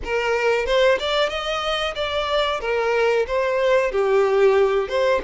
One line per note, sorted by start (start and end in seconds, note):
0.04 0.66 A#4
0.66 0.98 C5
0.99 1.29 D5
1.29 1.94 D#5
1.95 2.60 D5
2.60 3.25 A#4
3.27 3.91 C5
3.91 4.88 G4
4.88 5.21 C5